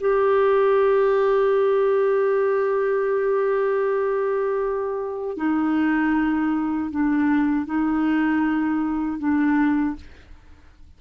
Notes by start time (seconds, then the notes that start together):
0.00 G4
5.37 D#4
6.91 D4
7.66 D#4
9.19 D4